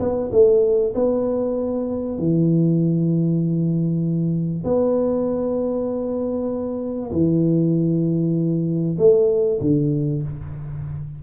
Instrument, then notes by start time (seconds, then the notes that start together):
tuba
0.00 B3
0.32 A3
0.95 B3
2.19 E3
4.64 B3
7.12 E3
8.99 A3
9.61 D3